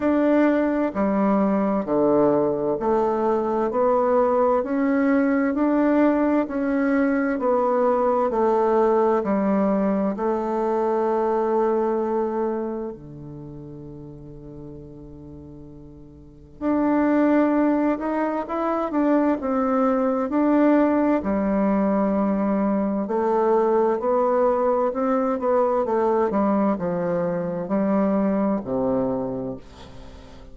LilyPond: \new Staff \with { instrumentName = "bassoon" } { \time 4/4 \tempo 4 = 65 d'4 g4 d4 a4 | b4 cis'4 d'4 cis'4 | b4 a4 g4 a4~ | a2 d2~ |
d2 d'4. dis'8 | e'8 d'8 c'4 d'4 g4~ | g4 a4 b4 c'8 b8 | a8 g8 f4 g4 c4 | }